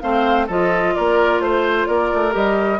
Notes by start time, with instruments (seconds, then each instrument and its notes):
0.00 bassoon A3, clarinet C4, oboe C5, flute F5
0.47 bassoon F3, clarinet F4, oboe A4, flute D#5
0.94 bassoon A#3, oboe A#4, flute D5
1.40 bassoon A3, flute C5, oboe C5
1.87 bassoon A#3, oboe A#4, flute D5
2.13 bassoon A3
2.31 bassoon G3, clarinet G4, flute D#5